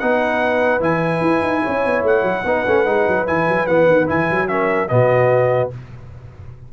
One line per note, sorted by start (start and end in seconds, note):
0.00 0.81 B3
0.00 0.81 D#4
0.00 1.63 B4
0.00 0.82 F#5
0.81 1.21 E3
0.81 2.44 E4
0.81 2.05 G#5
1.21 1.42 E4
1.42 1.62 D#4
1.63 1.86 C#4
1.63 2.44 C#5
1.86 2.03 B3
2.03 2.23 A3
2.03 3.27 F#5
2.23 2.44 F#3
2.44 2.65 B3
2.44 2.67 D#4
2.44 4.48 B4
2.67 2.86 A3
2.67 2.86 C#4
2.86 3.06 G#3
2.86 3.27 D#4
3.08 3.28 F#3
3.27 3.48 E3
3.27 3.68 E4
3.27 3.67 G#5
3.48 3.69 F#3
3.67 3.88 E3
3.67 4.07 B3
3.67 4.08 F#5
3.88 4.08 D#3
4.07 4.30 E3
4.07 4.47 E4
4.07 4.48 G#5
4.31 4.90 F#3
4.48 4.89 C#4
4.48 4.91 A#4
4.48 4.89 E5
4.89 5.72 B2
4.89 5.71 B3
4.89 5.73 F#4
4.89 5.70 D#5